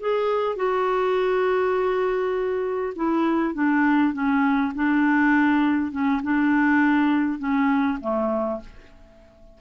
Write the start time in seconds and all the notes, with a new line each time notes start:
0.00 G#4
0.56 F#4
2.96 E4
3.54 D4
4.13 C#4
4.75 D4
5.91 C#4
6.23 D4
7.39 C#4
8.01 A3